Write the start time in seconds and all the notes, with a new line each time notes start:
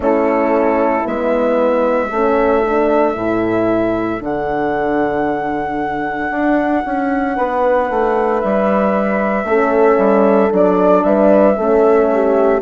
0.00 A3 C#4 E4 A4
1.05 G#3 B3 E5
2.09 A3 C#4 A4
2.65 D4
3.15 A2 E4
4.20 D3 D4 F#5
6.30 D4
6.85 C#4
7.35 B3 B4
7.89 A3
8.41 G3 E5
9.44 A3 C#4 A4
9.97 G3
10.49 F#3 D4 D5
11.03 G3 B4 E5
11.55 A3 C#4 A4
12.13 G4